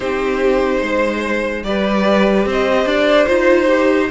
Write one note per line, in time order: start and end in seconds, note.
0.00 0.81 C4
0.00 1.64 D#4
0.00 0.82 G4
0.00 1.62 C5
0.81 1.63 G#3
0.81 1.64 C5
1.63 2.45 G3
1.63 3.26 G4
1.63 2.47 B4
1.63 2.46 D5
2.45 2.85 C4
2.45 4.10 C5
2.52 2.87 D#5
2.85 3.26 D4
2.85 3.26 D5
3.26 4.10 D#4
3.26 3.66 F4
3.26 4.08 C5
3.66 4.08 G4